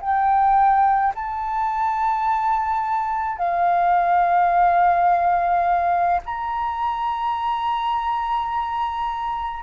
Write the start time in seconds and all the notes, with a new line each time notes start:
0.00 G5
1.15 A5
3.38 F5
6.25 A#5